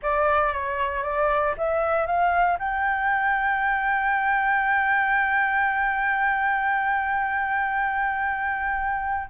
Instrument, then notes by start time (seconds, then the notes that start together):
flute
0.02 D5
0.52 C#5
1.03 D5
1.57 E5
2.06 F5
2.59 G5